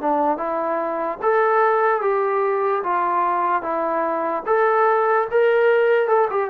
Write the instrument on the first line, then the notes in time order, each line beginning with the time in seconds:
trombone
0.00 D4
0.37 E4
1.22 A4
2.01 G4
2.83 F4
3.62 E4
4.46 A4
5.31 A#4
6.08 A4
6.30 G4